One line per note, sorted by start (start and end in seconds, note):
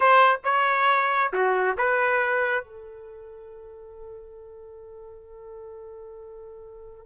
0.00 0.40 C5
0.44 1.32 C#5
1.32 1.76 F#4
1.77 2.64 B4
2.64 7.05 A4